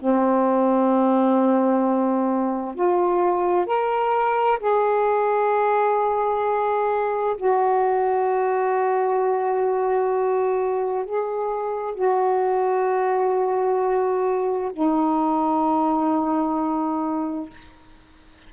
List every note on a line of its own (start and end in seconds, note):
0.00 2.75 C4
2.75 3.67 F4
3.67 4.59 A#4
4.60 7.37 G#4
7.37 11.06 F#4
11.06 11.95 G#4
11.95 14.72 F#4
14.73 17.50 D#4